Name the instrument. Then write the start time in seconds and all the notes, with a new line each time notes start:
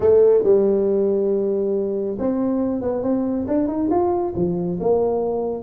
tuba
0.00 A3
0.43 G3
2.18 C4
2.81 B3
3.03 C4
3.47 D4
3.67 D#4
3.90 F4
4.35 F3
4.80 A#3